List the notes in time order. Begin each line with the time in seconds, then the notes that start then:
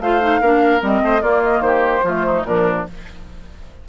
0.00 A3 F4 C5 F5
0.20 D#4
0.41 A#3 D4 A#4
0.80 G3 C4 D#5
1.02 A3 C5
1.22 A#3 F4 D5
1.43 D#5
1.61 D#3 G4 C5
2.03 F3 A3 F4
2.26 D#4
2.44 A#2 F3 D4 A#4